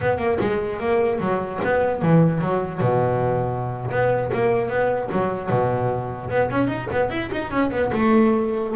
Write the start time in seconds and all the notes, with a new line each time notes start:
0.01 B3
0.18 A#3
0.40 G#3
0.79 A#3
1.19 F#3
1.64 B3
2.01 E3
2.41 F#3
2.80 B2
3.90 B3
4.33 A#3
4.69 B3
5.11 F#3
5.49 B2
6.30 B3
6.50 C#4
6.67 D#4
6.91 B3
7.10 E4
7.32 D#4
7.51 C#4
7.71 B3
7.92 A3